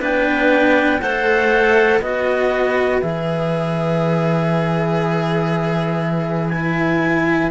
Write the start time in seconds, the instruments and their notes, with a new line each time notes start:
0.00 cello B3 D4, clarinet B4 G5
1.01 cello A3 A4, clarinet C5 F#5
1.99 cello B3 F#4, clarinet B4 D#5
3.01 cello E3 G#4, clarinet E5
6.49 cello E4, clarinet G#5